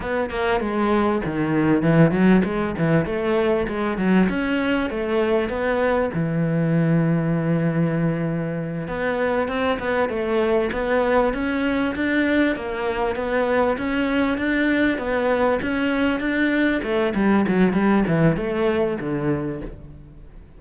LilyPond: \new Staff \with { instrumentName = "cello" } { \time 4/4 \tempo 4 = 98 b8 ais8 gis4 dis4 e8 fis8 | gis8 e8 a4 gis8 fis8 cis'4 | a4 b4 e2~ | e2~ e8 b4 c'8 |
b8 a4 b4 cis'4 d'8~ | d'8 ais4 b4 cis'4 d'8~ | d'8 b4 cis'4 d'4 a8 | g8 fis8 g8 e8 a4 d4 | }